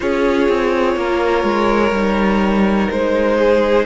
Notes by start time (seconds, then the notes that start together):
0.00 C#4 F4 G#4 C#5
0.48 C4
0.96 A#3 A#4
1.43 G#3
1.91 G3 D#4
2.90 G#3 C5
3.36 G#4